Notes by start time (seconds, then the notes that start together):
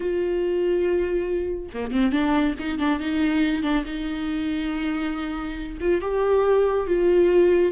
0.00 F4
1.73 A#3
1.91 C4
2.12 D4
2.59 D#4
2.79 D4
2.99 D#4
3.63 D4
3.85 D#4
5.80 F4
6.01 G4
6.86 F4